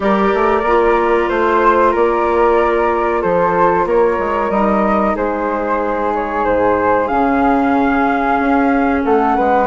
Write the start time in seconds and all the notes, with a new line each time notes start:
0.00 G3 G4 A#4 D5
0.34 A3
0.62 A#3 F4
1.28 A3 C5
1.91 A#3 A#4 D5
3.21 F3 A4 C5
3.85 A#3 A#4 C#5
4.18 G#3
4.49 G3 D#4 D#5
5.15 G#3 G#4 C5
6.15 C#5
6.44 G#2 C5
7.07 C#3 C#4 F5
8.39 C#4
9.03 A3 A4 F#5
9.36 G#3 B4